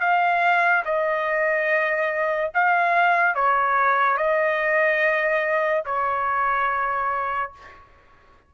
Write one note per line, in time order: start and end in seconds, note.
0.00 0.83 F5
0.85 2.52 D#5
2.54 3.35 F5
3.35 4.17 C#5
4.17 5.84 D#5
5.85 7.52 C#5